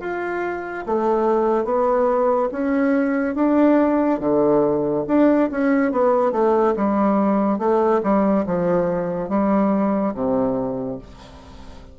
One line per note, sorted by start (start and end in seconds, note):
0.00 0.85 F4
0.86 1.65 A3
1.65 2.49 B3
2.52 3.35 C#4
3.35 4.20 D4
4.20 5.04 D3
5.08 5.50 D4
5.51 5.92 C#4
5.92 6.32 B3
6.32 6.75 A3
6.76 7.59 G3
7.59 8.01 A3
8.03 8.45 G3
8.47 9.29 F3
9.29 10.14 G3
10.14 10.99 C3